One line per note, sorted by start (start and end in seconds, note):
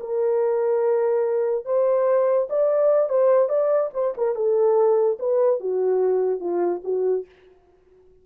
0.00 1.65 A#4
1.65 2.48 C5
2.50 3.09 D5
3.09 3.49 C5
3.49 3.90 D5
3.94 4.14 C5
4.17 4.35 A#4
4.35 5.18 A4
5.19 5.60 B4
5.60 6.40 F#4
6.40 6.81 F4
6.84 7.26 F#4